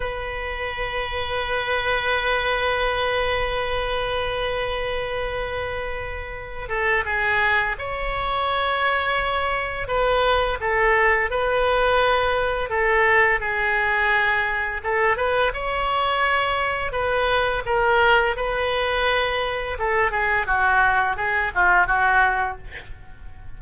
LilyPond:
\new Staff \with { instrumentName = "oboe" } { \time 4/4 \tempo 4 = 85 b'1~ | b'1~ | b'4. a'8 gis'4 cis''4~ | cis''2 b'4 a'4 |
b'2 a'4 gis'4~ | gis'4 a'8 b'8 cis''2 | b'4 ais'4 b'2 | a'8 gis'8 fis'4 gis'8 f'8 fis'4 | }